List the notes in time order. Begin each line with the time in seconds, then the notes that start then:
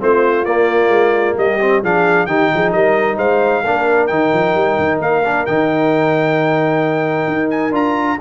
0.00 A3 C4 F4 C5
0.45 A#3 D5
0.89 G#3
1.38 G3 G4 D#5
1.61 C4
1.82 F3 D4 G#4 F5
2.26 D#3 D#4 G4 G5
2.55 F3 G#4
2.73 G3 A#4 D#5
3.17 G#3 C5 F5
3.63 A#3 D4 A#4
4.07 D#3 D#4 G5
4.33 F3
4.55 G3
4.79 D#3
5.00 A#3 F5
5.25 D4
5.46 D#3 D#4 G5
7.28 D#4
7.50 G#5
7.71 D4 F4 A#5